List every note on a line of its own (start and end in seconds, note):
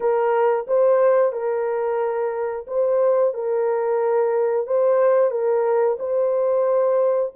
0.00 0.66 A#4
0.67 1.32 C5
1.32 2.65 A#4
2.67 3.33 C5
3.34 4.66 A#4
4.66 5.30 C5
5.30 5.97 A#4
5.98 7.32 C5